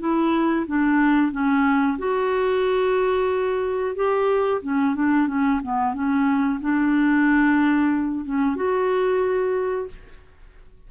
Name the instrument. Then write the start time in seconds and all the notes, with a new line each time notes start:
clarinet
0.00 E4
0.67 D4
1.32 C#4
1.98 F#4
3.96 G4
4.62 C#4
4.95 D4
5.27 C#4
5.63 B3
5.94 C#4
6.61 D4
8.25 C#4
8.56 F#4